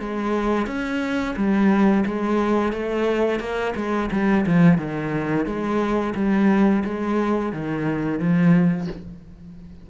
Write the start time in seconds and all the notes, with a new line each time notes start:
0.00 G#3
0.67 C#4
1.36 G3
2.06 G#3
2.73 A3
3.40 A#3
3.76 G#3
4.12 G3
4.46 F3
4.78 D#3
5.46 G#3
6.15 G3
6.85 G#3
7.53 D#3
8.19 F3